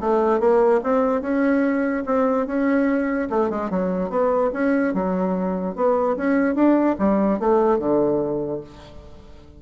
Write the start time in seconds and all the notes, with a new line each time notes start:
0.00 A3
0.39 A#3
0.83 C4
1.21 C#4
2.06 C4
2.46 C#4
3.30 A3
3.50 G#3
3.70 F#3
4.09 B3
4.53 C#4
4.94 F#3
5.75 B3
6.16 C#4
6.55 D4
6.98 G3
7.39 A3
7.78 D3